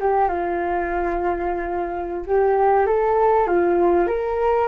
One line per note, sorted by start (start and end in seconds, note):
0.00 0.28 G4
0.28 2.25 F4
2.26 2.86 G4
2.86 3.47 A4
3.47 4.07 F4
4.07 4.67 A#4